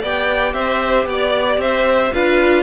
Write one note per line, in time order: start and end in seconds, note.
0.00 0.53 B3
0.00 2.12 G4
0.00 0.53 D5
0.00 0.53 G5
0.53 1.05 C4
0.53 1.07 C5
0.53 1.06 E5
1.05 1.57 B3
1.05 1.61 D5
1.05 1.60 D5
1.57 2.10 C4
1.57 2.13 C5
1.57 2.13 E5
2.13 2.62 D4
2.13 2.62 F4
2.13 2.62 B4
2.13 2.62 F5